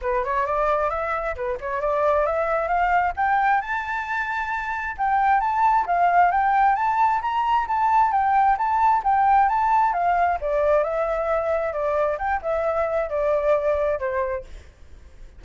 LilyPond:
\new Staff \with { instrumentName = "flute" } { \time 4/4 \tempo 4 = 133 b'8 cis''8 d''4 e''4 b'8 cis''8 | d''4 e''4 f''4 g''4 | a''2. g''4 | a''4 f''4 g''4 a''4 |
ais''4 a''4 g''4 a''4 | g''4 a''4 f''4 d''4 | e''2 d''4 g''8 e''8~ | e''4 d''2 c''4 | }